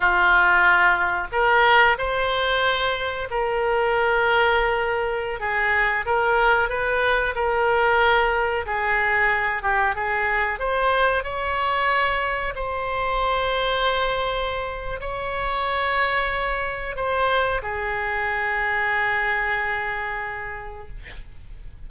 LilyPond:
\new Staff \with { instrumentName = "oboe" } { \time 4/4 \tempo 4 = 92 f'2 ais'4 c''4~ | c''4 ais'2.~ | ais'16 gis'4 ais'4 b'4 ais'8.~ | ais'4~ ais'16 gis'4. g'8 gis'8.~ |
gis'16 c''4 cis''2 c''8.~ | c''2. cis''4~ | cis''2 c''4 gis'4~ | gis'1 | }